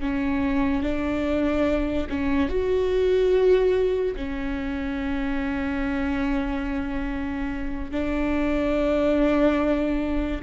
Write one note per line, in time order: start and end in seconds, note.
0.00 0.83 C#4
0.83 2.08 D4
2.09 2.49 C#4
2.49 4.16 F#4
4.16 7.91 C#4
7.91 10.41 D4